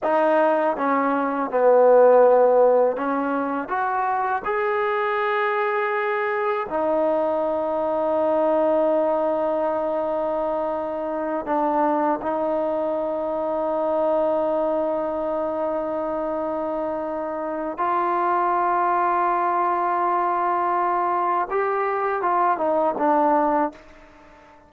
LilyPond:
\new Staff \with { instrumentName = "trombone" } { \time 4/4 \tempo 4 = 81 dis'4 cis'4 b2 | cis'4 fis'4 gis'2~ | gis'4 dis'2.~ | dis'2.~ dis'8 d'8~ |
d'8 dis'2.~ dis'8~ | dis'1 | f'1~ | f'4 g'4 f'8 dis'8 d'4 | }